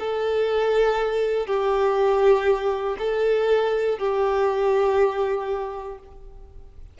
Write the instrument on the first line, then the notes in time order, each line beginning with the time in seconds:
violin
0.00 A4
1.47 G4
2.99 A4
3.99 G4